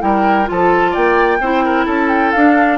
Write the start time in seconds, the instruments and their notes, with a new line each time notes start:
0.00 bassoon G3, clarinet E4, oboe A#4, flute G5
0.46 bassoon F3, clarinet F4, oboe A4, flute A5
0.91 bassoon A#3, oboe D5, flute G5
1.40 bassoon C4, clarinet E4, oboe C5
1.65 oboe A#4
1.86 bassoon C#4, oboe A4, flute A5
2.08 flute G5
2.32 bassoon D4, clarinet D4, flute F5